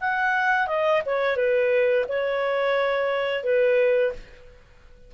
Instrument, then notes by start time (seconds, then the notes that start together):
clarinet
0.00 F#5
0.67 D#5
1.06 C#5
1.36 B4
2.08 C#5
3.43 B4